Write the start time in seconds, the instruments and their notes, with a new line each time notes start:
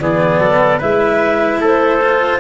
0.00 tuba E3, cello B3, trumpet G#4, clarinet D5
0.39 tuba F#3, trumpet A4
0.79 tuba G#3, cello E4, trumpet B4, clarinet E5
1.60 tuba A3, trumpet A4, clarinet C5
2.02 cello F4